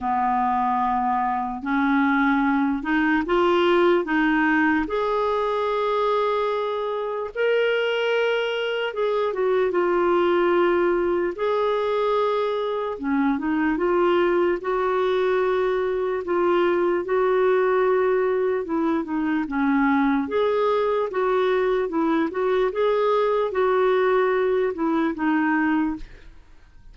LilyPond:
\new Staff \with { instrumentName = "clarinet" } { \time 4/4 \tempo 4 = 74 b2 cis'4. dis'8 | f'4 dis'4 gis'2~ | gis'4 ais'2 gis'8 fis'8 | f'2 gis'2 |
cis'8 dis'8 f'4 fis'2 | f'4 fis'2 e'8 dis'8 | cis'4 gis'4 fis'4 e'8 fis'8 | gis'4 fis'4. e'8 dis'4 | }